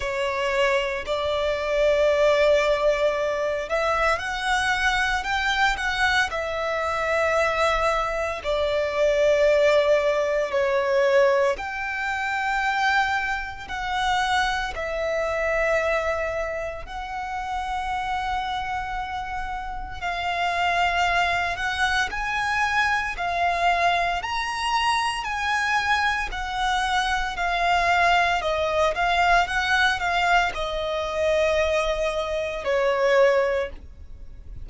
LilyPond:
\new Staff \with { instrumentName = "violin" } { \time 4/4 \tempo 4 = 57 cis''4 d''2~ d''8 e''8 | fis''4 g''8 fis''8 e''2 | d''2 cis''4 g''4~ | g''4 fis''4 e''2 |
fis''2. f''4~ | f''8 fis''8 gis''4 f''4 ais''4 | gis''4 fis''4 f''4 dis''8 f''8 | fis''8 f''8 dis''2 cis''4 | }